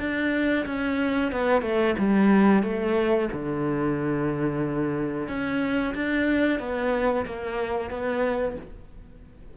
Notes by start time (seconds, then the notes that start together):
0.00 D4
0.66 C#4
1.32 B3
1.62 A3
1.98 G3
2.64 A3
3.33 D3
5.29 C#4
5.95 D4
6.60 B3
7.26 A#3
7.91 B3